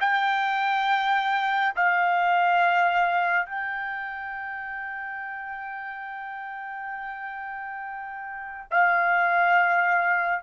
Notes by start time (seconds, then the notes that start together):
0.00 G5
1.75 F5
3.45 G5
8.70 F5